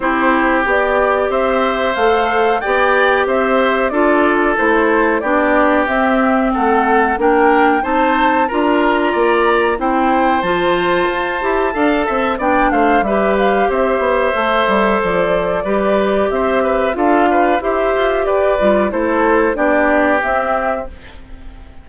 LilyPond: <<
  \new Staff \with { instrumentName = "flute" } { \time 4/4 \tempo 4 = 92 c''4 d''4 e''4 f''4 | g''4 e''4 d''4 c''4 | d''4 e''4 fis''4 g''4 | a''4 ais''2 g''4 |
a''2. g''8 f''8 | e''8 f''8 e''2 d''4~ | d''4 e''4 f''4 e''4 | d''4 c''4 d''4 e''4 | }
  \new Staff \with { instrumentName = "oboe" } { \time 4/4 g'2 c''2 | d''4 c''4 a'2 | g'2 a'4 ais'4 | c''4 ais'4 d''4 c''4~ |
c''2 f''8 e''8 d''8 c''8 | b'4 c''2. | b'4 c''8 b'8 a'8 b'8 c''4 | b'4 a'4 g'2 | }
  \new Staff \with { instrumentName = "clarinet" } { \time 4/4 e'4 g'2 a'4 | g'2 f'4 e'4 | d'4 c'2 d'4 | dis'4 f'2 e'4 |
f'4. g'8 a'4 d'4 | g'2 a'2 | g'2 f'4 g'4~ | g'8 f'8 e'4 d'4 c'4 | }
  \new Staff \with { instrumentName = "bassoon" } { \time 4/4 c'4 b4 c'4 a4 | b4 c'4 d'4 a4 | b4 c'4 a4 ais4 | c'4 d'4 ais4 c'4 |
f4 f'8 e'8 d'8 c'8 b8 a8 | g4 c'8 b8 a8 g8 f4 | g4 c'4 d'4 e'8 f'8 | g'8 g8 a4 b4 c'4 | }
>>